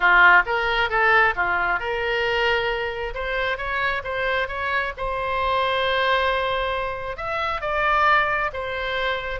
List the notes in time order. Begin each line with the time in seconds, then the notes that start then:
0.00 F4
0.46 A#4
0.89 A4
1.35 F4
1.79 A#4
3.14 C5
3.57 C#5
4.03 C5
4.48 C#5
4.97 C5
7.16 E5
7.61 D5
8.53 C5